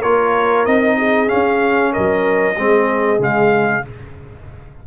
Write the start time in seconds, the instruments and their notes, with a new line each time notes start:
0.00 tuba A#3, trombone F4, horn A#4, trumpet C#5
0.65 tuba C4, trombone D#4, trumpet D#5
0.97 horn G#4
1.27 trombone C#4, trumpet F5
1.33 tuba C#4
1.92 tuba F#3, horn A#4, trumpet D#5
2.56 tuba G#3, trombone C4, horn G#4
3.18 tuba C#3, trombone G#3, trumpet F5